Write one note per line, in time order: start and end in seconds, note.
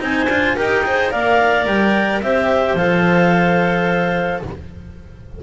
0.00 0.28 C4
0.00 0.28 D#4
0.00 0.56 C5
0.00 0.58 G#5
0.28 0.56 D4
0.28 0.57 F4
0.56 1.14 D#4
0.56 0.84 G4
0.56 0.84 A#4
0.56 1.11 G5
0.86 1.11 G#4
0.86 1.12 C5
1.11 1.66 A#3
1.11 2.21 A#4
1.11 2.22 D5
1.11 1.66 F5
1.66 2.21 G3
1.66 2.21 G5
2.22 2.75 C4
2.22 2.78 G4
2.22 4.43 C5
2.22 2.77 E5
2.75 4.40 F3
2.75 4.43 A4
2.75 4.42 F5